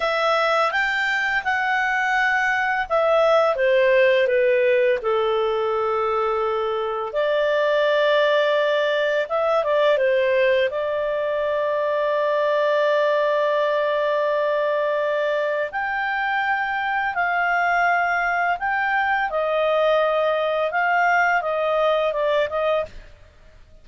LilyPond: \new Staff \with { instrumentName = "clarinet" } { \time 4/4 \tempo 4 = 84 e''4 g''4 fis''2 | e''4 c''4 b'4 a'4~ | a'2 d''2~ | d''4 e''8 d''8 c''4 d''4~ |
d''1~ | d''2 g''2 | f''2 g''4 dis''4~ | dis''4 f''4 dis''4 d''8 dis''8 | }